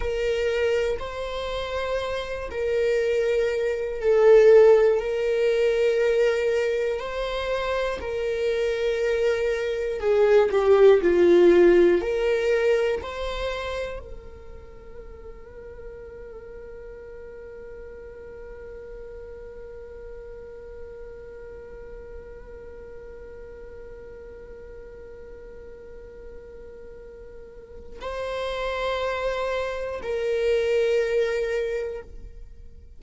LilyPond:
\new Staff \with { instrumentName = "viola" } { \time 4/4 \tempo 4 = 60 ais'4 c''4. ais'4. | a'4 ais'2 c''4 | ais'2 gis'8 g'8 f'4 | ais'4 c''4 ais'2~ |
ais'1~ | ais'1~ | ais'1 | c''2 ais'2 | }